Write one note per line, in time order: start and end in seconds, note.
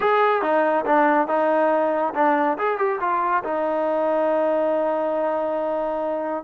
0.00 0.41 G#4
0.41 0.84 D#4
0.85 1.27 D4
1.27 2.13 D#4
2.14 2.57 D4
2.58 2.78 G#4
2.78 2.99 G4
3.00 3.43 F4
3.44 6.43 D#4